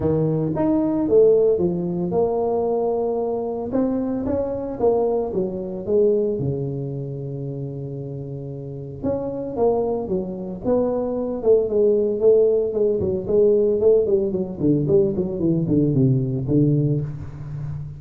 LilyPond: \new Staff \with { instrumentName = "tuba" } { \time 4/4 \tempo 4 = 113 dis4 dis'4 a4 f4 | ais2. c'4 | cis'4 ais4 fis4 gis4 | cis1~ |
cis4 cis'4 ais4 fis4 | b4. a8 gis4 a4 | gis8 fis8 gis4 a8 g8 fis8 d8 | g8 fis8 e8 d8 c4 d4 | }